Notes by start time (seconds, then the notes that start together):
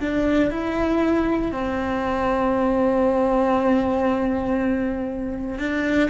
0.00 D4
0.50 E4
1.52 C4
5.58 D4